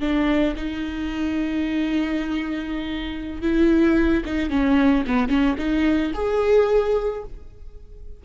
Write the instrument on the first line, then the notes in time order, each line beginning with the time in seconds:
viola
0.00 D4
0.57 D#4
3.42 E4
4.25 D#4
4.50 C#4
5.07 B3
5.29 C#4
5.58 D#4
6.14 G#4